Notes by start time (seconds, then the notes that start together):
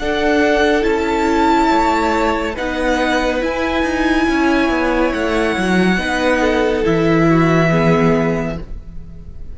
0.00 D4 A4 F#5
0.82 C#4 E4 A5
1.69 A3 C#5
2.55 B3 D#4 B4 F#5
3.41 E4 G#5
3.83 D#4
4.29 C#4 C#5
4.70 B3
5.14 A3 F#5
5.58 F#3
5.98 B3 D#4 B4
6.41 A4
6.84 E3 E4 E5
7.30 F#4
7.70 B3 G#4